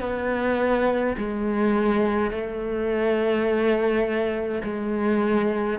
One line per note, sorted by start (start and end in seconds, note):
0.00 1.15 B3
1.17 2.31 G#3
2.31 4.62 A3
4.63 5.78 G#3